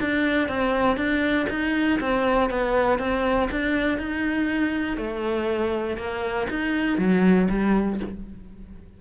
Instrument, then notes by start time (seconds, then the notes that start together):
cello
0.00 D4
0.48 C4
0.96 D4
1.49 D#4
1.99 C4
2.49 B3
2.98 C4
3.51 D4
3.97 D#4
4.97 A3
5.97 A#3
6.49 D#4
6.97 F#3
7.49 G3